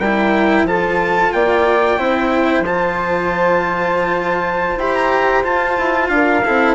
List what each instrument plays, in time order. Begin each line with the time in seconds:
0.00 bassoon G3, cello E4, flute A#4, trumpet G5
0.64 bassoon F3, cello F4, flute A4, trumpet A5
1.33 bassoon A#3, flute D5, trumpet G5
1.98 bassoon C4, cello E4, flute C5
2.61 bassoon F3, trumpet A5
2.67 cello F4
4.77 bassoon E4, cello G4, trumpet B5
4.95 trumpet A#5
5.44 cello F4, bassoon F4, trumpet A5
5.78 bassoon E4
6.09 bassoon D4, flute A#4, trumpet F5
6.45 bassoon C4, cello E4, flute A4